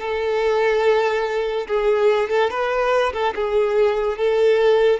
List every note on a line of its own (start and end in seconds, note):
0.00 1.67 A4
1.67 2.29 G#4
2.29 2.50 A4
2.50 3.12 B4
3.12 3.33 A4
3.35 4.17 G#4
4.17 4.99 A4